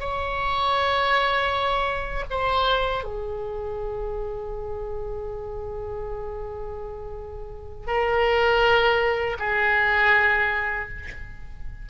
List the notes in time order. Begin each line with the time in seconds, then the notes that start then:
0.00 C#5
2.30 C5
3.04 G#4
7.87 A#4
9.39 G#4